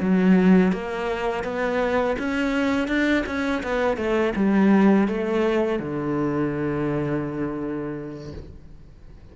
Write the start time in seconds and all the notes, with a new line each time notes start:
0.00 F#3
0.72 A#3
1.44 B3
2.19 C#4
2.88 D4
3.26 C#4
3.63 B3
3.97 A3
4.36 G3
5.08 A3
5.80 D3